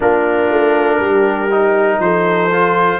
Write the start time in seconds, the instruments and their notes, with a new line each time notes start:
0.00 tuba A#3, trombone D4, horn F4, trumpet A#4
0.50 tuba A3
0.99 tuba G3, horn G4
1.50 trombone D#4
1.99 tuba F3, horn A4, trumpet C5
2.52 trombone F4